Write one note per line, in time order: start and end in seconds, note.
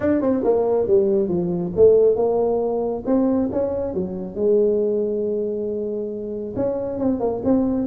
0.00 0.21 D4
0.21 0.43 C4
0.44 0.87 A#3
0.87 1.28 G3
1.28 1.72 F3
1.76 2.16 A3
2.16 3.03 A#3
3.06 3.49 C4
3.52 3.94 C#4
3.94 4.35 F#3
4.35 6.54 G#3
6.56 6.98 C#4
6.98 7.20 C4
7.20 7.42 A#3
7.44 7.87 C4